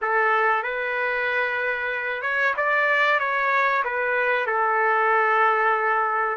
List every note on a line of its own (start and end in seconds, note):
0.01 0.63 A4
0.63 2.22 B4
2.22 2.54 C#5
2.56 3.19 D5
3.19 3.83 C#5
3.84 4.46 B4
4.46 6.37 A4